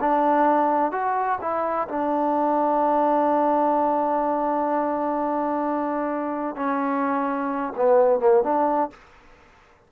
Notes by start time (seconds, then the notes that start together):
0.00 D4
0.92 F#4
1.41 E4
1.88 D4
6.56 C#4
7.76 B3
8.20 A#3
8.43 D4